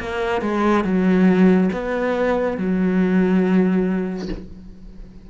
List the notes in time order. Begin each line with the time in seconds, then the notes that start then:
0.00 A#3
0.42 G#3
0.85 F#3
1.73 B3
2.58 F#3